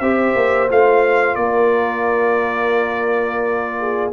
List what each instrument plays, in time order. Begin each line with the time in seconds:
0.00 tuba C4, trombone G4, horn C5, trumpet E5
0.36 tuba A#3
0.69 tuba A3, trombone F4, trumpet F5
1.35 tuba A#3, horn A#4, trumpet D5
3.80 horn G#4